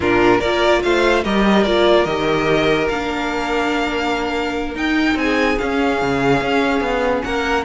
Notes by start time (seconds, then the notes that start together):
0.00 A#2 D4 F4 A#4
0.38 A#3 F4 A#4 D5
0.82 A3 C5 F5
1.24 G3 G4 A#4 D#5
1.63 A#3 F4 D5
2.04 D#3 G4 D#5
2.88 A#3 D4 F5
4.75 D#4 G5
5.15 C4 G#4 G#5
5.58 C#4 F5
6.01 C#3
6.41 C#4
6.80 B3
7.23 A#3 A#4 F#5